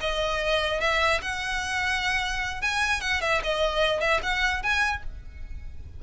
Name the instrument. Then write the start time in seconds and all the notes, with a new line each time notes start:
violin
0.00 D#5
0.80 E5
1.21 F#5
2.61 G#5
3.01 F#5
3.21 E5
3.43 D#5
4.00 E5
4.22 F#5
4.63 G#5